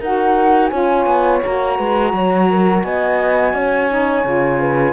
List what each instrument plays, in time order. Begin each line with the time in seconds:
0.00 cello D#4, saxophone F#4, horn A#4, flute F#5
0.67 cello C#4, saxophone F4, horn C#5, flute G#5
1.06 cello B3
1.44 cello A#3, saxophone F#4, flute A#5
1.77 cello G#3, horn B4
2.13 cello F#3, horn C#5
2.50 horn A#4
2.83 cello B3, horn D#5, flute G#5
3.53 cello C#4, horn C#5
3.90 saxophone D#4
4.24 cello C#3, saxophone F4
4.60 horn B4